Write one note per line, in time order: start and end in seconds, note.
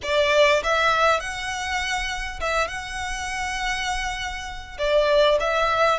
0.02 0.62 D5
0.63 1.20 E5
1.20 2.40 F#5
2.40 2.67 E5
2.67 4.77 F#5
4.78 5.38 D5
5.40 5.99 E5